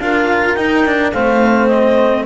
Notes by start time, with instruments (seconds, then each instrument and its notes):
0.00 double bass D4, cello F4, horn A#4, clarinet F5
0.55 double bass D#4, cello D#4, clarinet G5
0.86 cello D4
1.14 double bass A3, cello C4, horn C5, clarinet F5
1.68 clarinet D#5